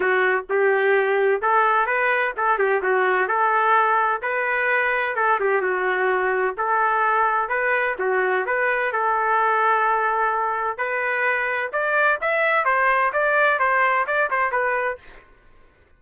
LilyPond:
\new Staff \with { instrumentName = "trumpet" } { \time 4/4 \tempo 4 = 128 fis'4 g'2 a'4 | b'4 a'8 g'8 fis'4 a'4~ | a'4 b'2 a'8 g'8 | fis'2 a'2 |
b'4 fis'4 b'4 a'4~ | a'2. b'4~ | b'4 d''4 e''4 c''4 | d''4 c''4 d''8 c''8 b'4 | }